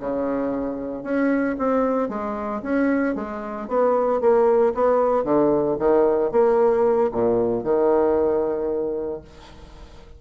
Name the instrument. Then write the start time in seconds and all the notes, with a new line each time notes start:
bassoon
0.00 C#3
1.04 C#4
1.59 C4
2.09 G#3
2.63 C#4
3.16 G#3
3.68 B3
4.21 A#3
4.75 B3
5.24 D3
5.79 D#3
6.32 A#3
7.13 A#2
7.64 D#3